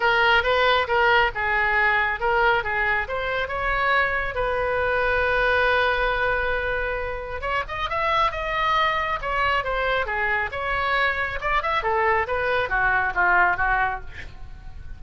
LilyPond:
\new Staff \with { instrumentName = "oboe" } { \time 4/4 \tempo 4 = 137 ais'4 b'4 ais'4 gis'4~ | gis'4 ais'4 gis'4 c''4 | cis''2 b'2~ | b'1~ |
b'4 cis''8 dis''8 e''4 dis''4~ | dis''4 cis''4 c''4 gis'4 | cis''2 d''8 e''8 a'4 | b'4 fis'4 f'4 fis'4 | }